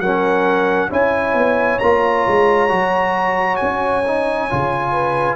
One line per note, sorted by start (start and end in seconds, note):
0.00 0.90 F#3
0.00 0.90 C#4
0.00 0.90 A#4
0.00 0.90 F#5
0.90 1.34 C#4
0.90 1.80 E4
0.90 4.92 C#5
0.90 1.79 G#5
1.34 1.79 B3
1.79 2.27 A#3
1.79 2.69 F4
1.79 3.57 A#5
2.28 2.71 G#3
2.69 3.60 F#3
2.69 4.04 F#4
3.57 4.52 C#4
3.57 5.36 G#5
4.07 4.50 D#4
4.50 5.36 C#3
4.50 5.36 F4
4.92 5.36 B4